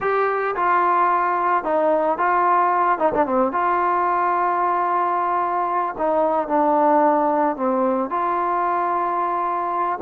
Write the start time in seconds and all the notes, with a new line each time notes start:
0.00 G4
0.55 F4
1.63 D#4
2.18 F4
2.98 D#4
3.14 D4
3.26 C4
3.52 F4
5.98 D#4
6.48 D4
7.56 C4
8.09 F4